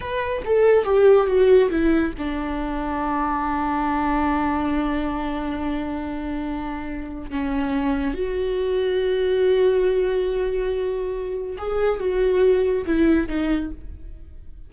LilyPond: \new Staff \with { instrumentName = "viola" } { \time 4/4 \tempo 4 = 140 b'4 a'4 g'4 fis'4 | e'4 d'2.~ | d'1~ | d'1~ |
d'4 cis'2 fis'4~ | fis'1~ | fis'2. gis'4 | fis'2 e'4 dis'4 | }